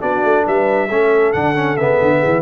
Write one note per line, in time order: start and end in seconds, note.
0.00 0.24 B3
0.00 0.88 D4
0.00 0.45 F#4
0.00 0.45 D5
0.24 0.46 A3
0.46 0.90 G3
0.46 0.88 B4
0.46 1.33 E5
0.88 1.34 A3
0.88 1.34 C#4
0.88 2.19 A4
1.33 1.78 D3
1.33 1.55 D4
1.33 1.77 F#5
1.55 1.77 C#4
1.77 2.00 C#3
1.77 2.42 B3
1.77 2.42 E5
2.01 2.24 D3
2.19 2.42 E3
2.19 2.41 G#4